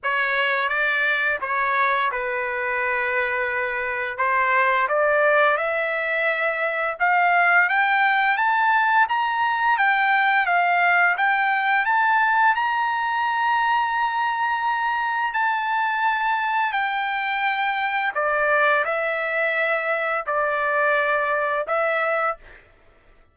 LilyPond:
\new Staff \with { instrumentName = "trumpet" } { \time 4/4 \tempo 4 = 86 cis''4 d''4 cis''4 b'4~ | b'2 c''4 d''4 | e''2 f''4 g''4 | a''4 ais''4 g''4 f''4 |
g''4 a''4 ais''2~ | ais''2 a''2 | g''2 d''4 e''4~ | e''4 d''2 e''4 | }